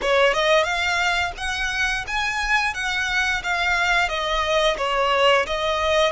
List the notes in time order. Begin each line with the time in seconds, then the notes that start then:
0.01 C#5
0.33 D#5
0.63 F5
1.37 F#5
2.07 G#5
2.74 F#5
3.43 F5
4.08 D#5
4.77 C#5
5.46 D#5